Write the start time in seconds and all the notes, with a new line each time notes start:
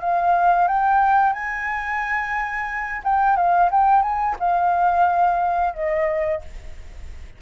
0.00 F5
0.68 G5
1.33 G#5
3.03 G5
3.36 F5
3.71 G5
4.02 G#5
4.39 F5
5.74 D#5